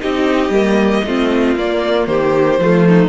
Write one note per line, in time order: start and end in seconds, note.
0.00 0.49 C4
0.00 0.52 D#4
0.00 1.05 G4
0.00 1.56 D#5
0.49 1.01 G3
0.49 1.05 A#3
1.04 1.55 A3
1.04 1.56 C4
1.04 2.09 F4
1.55 2.07 A#3
1.55 2.60 A#3
1.55 2.07 D5
2.07 2.59 D#3
2.07 2.60 G4
2.07 3.09 C5
2.59 3.09 F3
2.59 3.09 A3
2.59 2.88 F4
2.88 3.09 D#4